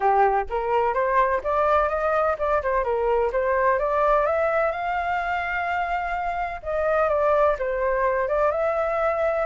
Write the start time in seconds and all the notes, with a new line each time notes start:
0.00 G4
0.49 A#4
0.93 C5
1.43 D5
1.89 D#5
2.38 D5
2.62 C5
2.83 A#4
3.32 C5
3.78 D5
4.26 E5
4.71 F5
6.62 D#5
7.09 D5
7.58 C5
8.28 D5
8.51 E5